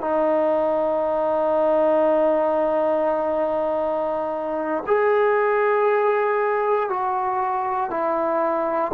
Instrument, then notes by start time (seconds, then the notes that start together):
trombone
0.00 D#4
4.86 G#4
6.89 F#4
7.90 E4